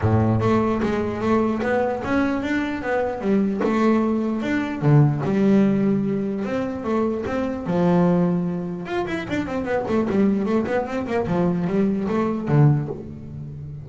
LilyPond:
\new Staff \with { instrumentName = "double bass" } { \time 4/4 \tempo 4 = 149 a,4 a4 gis4 a4 | b4 cis'4 d'4 b4 | g4 a2 d'4 | d4 g2. |
c'4 a4 c'4 f4~ | f2 f'8 e'8 d'8 c'8 | b8 a8 g4 a8 b8 c'8 ais8 | f4 g4 a4 d4 | }